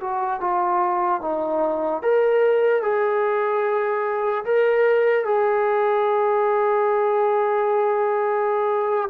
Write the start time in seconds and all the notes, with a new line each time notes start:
0.00 F#4
0.40 F4
1.21 D#4
2.02 A#4
2.82 G#4
4.45 A#4
5.24 G#4